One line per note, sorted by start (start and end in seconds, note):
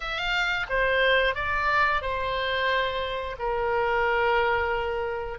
0.00 0.66 F5
0.69 1.35 C5
1.35 2.01 D5
2.01 3.36 C5
3.38 5.38 A#4